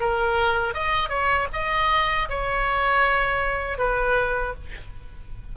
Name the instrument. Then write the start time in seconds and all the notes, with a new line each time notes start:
oboe
0.00 A#4
0.74 D#5
1.09 C#5
1.53 D#5
2.29 C#5
3.78 B4